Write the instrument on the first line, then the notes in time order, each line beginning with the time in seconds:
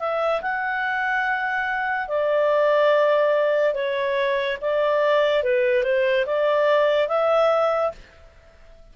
clarinet
0.00 E5
0.42 F#5
2.09 D5
3.75 C#5
4.62 D5
5.44 B4
5.84 C5
6.27 D5
7.09 E5